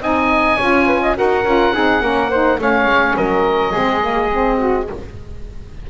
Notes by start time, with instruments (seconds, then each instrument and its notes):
0.00 double bass C4, saxophone D#4, flute D#5, oboe G#5
0.56 double bass C#4, saxophone F4, flute C#5
0.86 flute B4
1.01 flute D#5
1.15 double bass D#4, saxophone F#4, flute A#4, oboe F#5
1.44 double bass C#4, saxophone F4
1.73 double bass C4, saxophone D#4, flute G#4
2.01 double bass A#3, saxophone C#4, flute A#4
2.30 saxophone D#4, flute C5
2.58 double bass A3, saxophone C#4, flute C#5, oboe F5
2.85 double bass G#3
3.17 double bass F#3, flute A#4, oboe D#5
3.72 double bass G#3, saxophone C4, flute G#4
4.01 saxophone A#3
4.32 saxophone C4
4.57 flute F#4